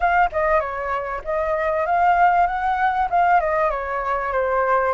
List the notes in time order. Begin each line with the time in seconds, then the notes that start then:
0.00 F5
0.31 D#5
0.59 C#5
1.24 D#5
1.86 F5
2.46 F#5
3.10 F5
3.40 D#5
3.70 C#5
4.32 C5